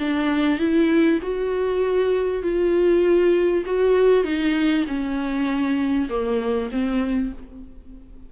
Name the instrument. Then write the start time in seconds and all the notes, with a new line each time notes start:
viola
0.00 D4
0.59 E4
1.23 F#4
2.43 F4
3.66 F#4
4.25 D#4
4.88 C#4
6.10 A#3
6.72 C4